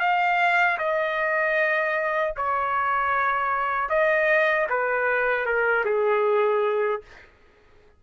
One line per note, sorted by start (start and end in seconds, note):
0.00 0.78 F5
0.78 2.34 D#5
2.37 3.90 C#5
3.90 4.68 D#5
4.70 5.46 B4
5.46 5.85 A#4
5.85 7.02 G#4